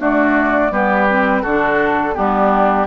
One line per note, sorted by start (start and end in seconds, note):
0.00 0.72 A3
0.00 0.71 D4
0.00 0.72 F#4
0.00 0.73 D5
0.71 1.44 G3
0.71 1.09 B3
0.71 1.42 G4
0.71 1.43 B4
1.10 1.46 C4
1.42 2.16 D3
1.42 2.14 D4
1.42 2.15 F#4
1.42 2.15 A4
2.14 2.87 G3
2.14 2.87 B3
2.14 2.87 D4
2.14 2.87 G4